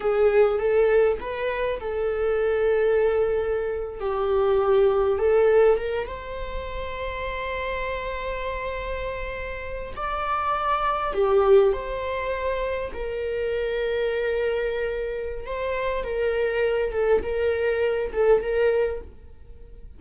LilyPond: \new Staff \with { instrumentName = "viola" } { \time 4/4 \tempo 4 = 101 gis'4 a'4 b'4 a'4~ | a'2~ a'8. g'4~ g'16~ | g'8. a'4 ais'8 c''4.~ c''16~ | c''1~ |
c''8. d''2 g'4 c''16~ | c''4.~ c''16 ais'2~ ais'16~ | ais'2 c''4 ais'4~ | ais'8 a'8 ais'4. a'8 ais'4 | }